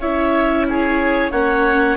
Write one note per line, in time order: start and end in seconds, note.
0.00 1.31 C#4
0.00 1.32 E4
0.00 0.66 C#5
0.00 0.67 E5
0.69 1.31 G#4
0.69 1.32 C#5
1.31 1.97 A#3
1.31 1.97 C#4
1.31 1.97 C#5
1.31 1.97 F#5